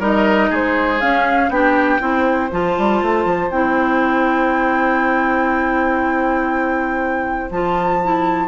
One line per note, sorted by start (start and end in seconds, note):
0.00 0.50 G3
0.00 1.01 D#4
0.00 0.50 A#4
0.00 0.55 D#5
0.50 1.01 G#3
0.50 1.50 G#4
0.50 1.01 C5
1.01 1.51 C#4
1.01 1.50 C#4
1.01 1.50 F5
1.50 2.00 B3
1.50 2.00 D4
1.50 2.01 G4
1.50 2.50 G5
2.00 2.51 C4
2.00 2.50 E4
2.00 8.49 C5
2.52 2.77 F3
2.52 3.52 F4
2.52 3.51 A5
2.78 3.03 G3
3.03 3.26 A3
3.26 3.51 F3
3.51 7.51 C4
3.51 7.52 E4
3.51 7.51 G5
7.51 8.49 F3
7.51 8.03 F4
7.51 8.49 A5
8.03 8.49 E4